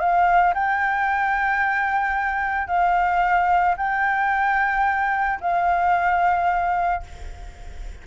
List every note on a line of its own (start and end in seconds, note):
0.00 0.54 F5
0.54 2.68 G5
2.68 3.76 F5
3.77 5.39 G5
5.41 7.03 F5